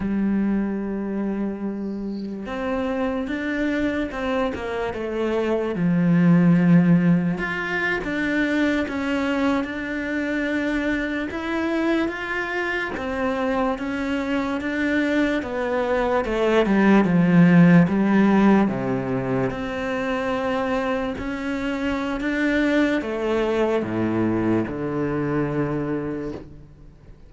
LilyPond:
\new Staff \with { instrumentName = "cello" } { \time 4/4 \tempo 4 = 73 g2. c'4 | d'4 c'8 ais8 a4 f4~ | f4 f'8. d'4 cis'4 d'16~ | d'4.~ d'16 e'4 f'4 c'16~ |
c'8. cis'4 d'4 b4 a16~ | a16 g8 f4 g4 c4 c'16~ | c'4.~ c'16 cis'4~ cis'16 d'4 | a4 a,4 d2 | }